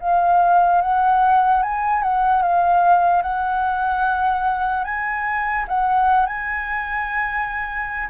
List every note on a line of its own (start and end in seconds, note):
0.00 0.81 F5
0.81 1.63 F#5
1.63 2.02 G#5
2.02 2.42 F#5
2.42 3.22 F5
3.22 4.84 F#5
4.84 5.65 G#5
5.68 6.26 F#5
6.26 8.09 G#5